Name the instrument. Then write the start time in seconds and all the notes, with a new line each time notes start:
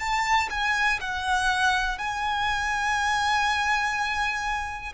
violin
0.00 A5
0.51 G#5
1.01 F#5
1.98 G#5